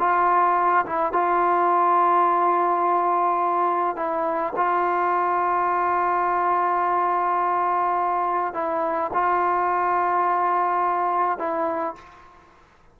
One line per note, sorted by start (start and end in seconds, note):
0.00 0.86 F4
0.86 1.13 E4
1.13 3.97 F4
3.97 4.54 E4
4.57 8.54 F4
8.54 9.11 E4
9.14 11.39 F4
11.39 11.96 E4